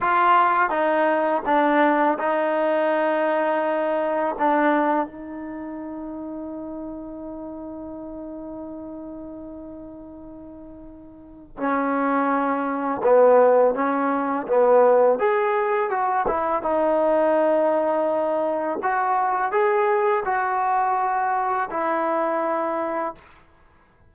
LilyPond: \new Staff \with { instrumentName = "trombone" } { \time 4/4 \tempo 4 = 83 f'4 dis'4 d'4 dis'4~ | dis'2 d'4 dis'4~ | dis'1~ | dis'1 |
cis'2 b4 cis'4 | b4 gis'4 fis'8 e'8 dis'4~ | dis'2 fis'4 gis'4 | fis'2 e'2 | }